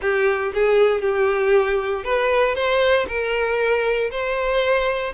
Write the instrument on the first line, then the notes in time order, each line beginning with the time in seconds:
violin
0.01 G4
0.54 G#4
1.01 G4
2.04 B4
2.55 C5
3.07 A#4
4.10 C5